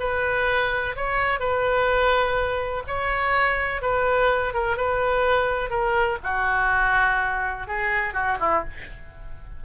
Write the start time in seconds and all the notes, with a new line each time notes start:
0.00 B4
0.96 C#5
1.40 B4
2.87 C#5
3.82 B4
4.54 A#4
4.77 B4
5.70 A#4
6.23 F#4
7.67 G#4
8.14 F#4
8.40 E4